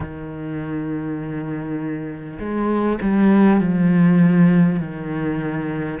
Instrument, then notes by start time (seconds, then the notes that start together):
cello
0.00 D#3
2.39 G#3
3.01 G3
3.60 F3
4.79 D#3